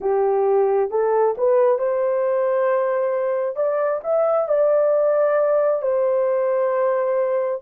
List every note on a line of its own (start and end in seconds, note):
0.00 0.90 G4
0.90 1.35 A4
1.37 1.78 B4
1.78 3.56 C5
3.56 4.01 D5
4.03 4.48 E5
4.48 5.82 D5
5.82 7.61 C5